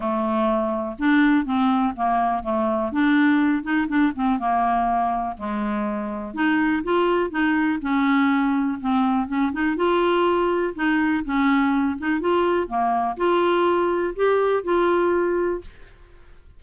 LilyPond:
\new Staff \with { instrumentName = "clarinet" } { \time 4/4 \tempo 4 = 123 a2 d'4 c'4 | ais4 a4 d'4. dis'8 | d'8 c'8 ais2 gis4~ | gis4 dis'4 f'4 dis'4 |
cis'2 c'4 cis'8 dis'8 | f'2 dis'4 cis'4~ | cis'8 dis'8 f'4 ais4 f'4~ | f'4 g'4 f'2 | }